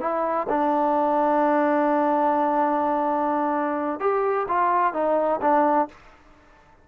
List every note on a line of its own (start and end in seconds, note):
0.00 0.47 E4
0.49 4.00 D4
4.00 4.46 G4
4.48 4.93 F4
4.93 5.40 D#4
5.41 5.88 D4